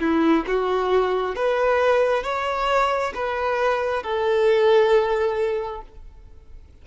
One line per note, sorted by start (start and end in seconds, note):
0.00 0.45 E4
0.47 1.36 F#4
1.36 2.23 B4
2.23 3.13 C#5
3.15 4.03 B4
4.03 5.82 A4